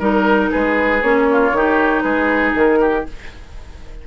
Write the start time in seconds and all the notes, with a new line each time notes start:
0.00 G3 D#4 A#4
0.52 G#3 G#4 B4
1.03 A#3 C#4 C#5
1.32 F4
1.52 D#3 D#4 G4
2.02 G#3 G#4 B4
2.55 D#3 A#4
2.81 G4